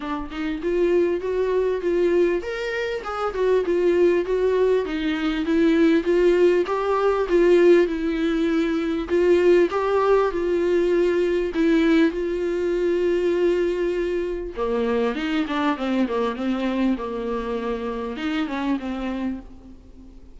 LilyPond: \new Staff \with { instrumentName = "viola" } { \time 4/4 \tempo 4 = 99 d'8 dis'8 f'4 fis'4 f'4 | ais'4 gis'8 fis'8 f'4 fis'4 | dis'4 e'4 f'4 g'4 | f'4 e'2 f'4 |
g'4 f'2 e'4 | f'1 | ais4 dis'8 d'8 c'8 ais8 c'4 | ais2 dis'8 cis'8 c'4 | }